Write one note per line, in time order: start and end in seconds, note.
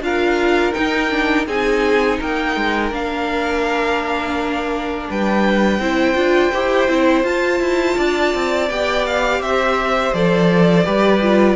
0.00 0.72 D4
0.00 0.72 F4
0.00 1.47 A#4
0.00 0.73 F5
0.72 1.09 D#4
0.72 1.47 D#4
0.72 1.45 G5
1.10 1.46 D4
1.47 2.19 C4
1.47 2.91 D#4
1.47 2.19 G#4
1.47 2.20 G#5
2.19 2.56 A#3
2.19 5.08 A#4
2.19 2.94 G5
2.56 2.91 G#3
2.91 5.08 A#3
2.91 5.80 D4
2.91 5.10 F5
5.10 5.79 G3
5.10 5.81 B4
5.10 7.25 G5
5.79 6.15 C4
5.79 6.15 E4
5.79 7.97 C5
6.15 6.52 D4
6.15 6.51 F4
6.54 6.89 E4
6.54 6.89 G4
6.89 7.23 C4
6.89 7.24 E4
7.23 7.59 F4
7.23 8.68 F4
7.23 8.69 A5
7.59 7.95 E4
7.97 8.34 D4
7.97 9.41 D5
8.34 8.69 C4
8.69 9.40 B3
8.69 10.14 G4
8.69 9.05 G5
9.06 9.41 F5
9.40 10.12 C4
9.40 10.84 C5
9.40 10.13 E5
10.13 10.86 F3
10.13 10.84 A4
10.13 11.56 D5
10.84 11.56 G3
10.84 11.20 G4
10.84 11.56 B4
11.22 11.56 F4